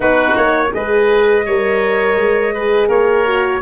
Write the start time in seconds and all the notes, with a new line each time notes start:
0.00 B3 D#4 F#4 B4
0.36 A#3 C#5
0.71 G#3 G#4 B4 D#5
1.45 G3 A#4 C#5
2.16 G#3
2.54 G#4 B4
2.88 A#3 A#4 C#5
3.25 F#4